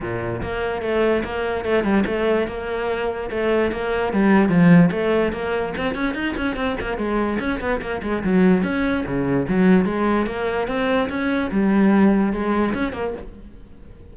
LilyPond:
\new Staff \with { instrumentName = "cello" } { \time 4/4 \tempo 4 = 146 ais,4 ais4 a4 ais4 | a8 g8 a4 ais2 | a4 ais4 g4 f4 | a4 ais4 c'8 cis'8 dis'8 cis'8 |
c'8 ais8 gis4 cis'8 b8 ais8 gis8 | fis4 cis'4 cis4 fis4 | gis4 ais4 c'4 cis'4 | g2 gis4 cis'8 ais8 | }